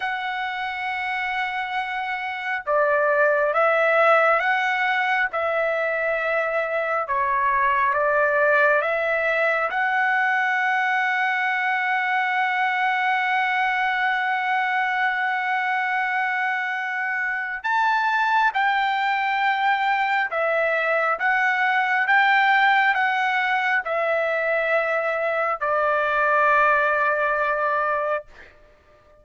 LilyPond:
\new Staff \with { instrumentName = "trumpet" } { \time 4/4 \tempo 4 = 68 fis''2. d''4 | e''4 fis''4 e''2 | cis''4 d''4 e''4 fis''4~ | fis''1~ |
fis''1 | a''4 g''2 e''4 | fis''4 g''4 fis''4 e''4~ | e''4 d''2. | }